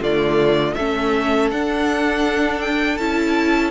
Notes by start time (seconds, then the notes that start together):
0.00 D3 A3 F4 D5
0.74 A3 C#4 A4 E5
1.50 D4 F#5
2.60 G5
2.97 C#4 E4 A5